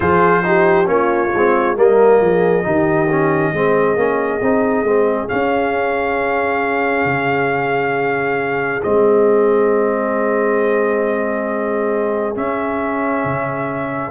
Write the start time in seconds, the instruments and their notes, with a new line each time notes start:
0.00 tuba F3, trombone F4, horn G#4, trumpet C5
0.43 trombone D#4, horn G4
0.84 tuba A#3, trombone C#4, horn F4, trumpet C#5
1.33 tuba G#3, trombone C4
1.76 tuba G3, trombone A#3, horn A#4, trumpet D#5
2.21 tuba F3, horn G#4
2.63 tuba D#3, trombone D#4, horn G4
3.10 trombone C#4
3.52 tuba G#3, trombone C4, horn G#4
3.96 tuba A#3, trombone C#4
4.42 tuba C4, trombone D#4
4.83 tuba G#3, trombone C4
5.28 trombone C#4, tuba C#4, trumpet F5
7.05 tuba C#3
8.82 tuba G#3, trombone C4, trumpet D#5
12.35 trombone C#4, tuba C#4, trumpet E5
13.24 tuba C#3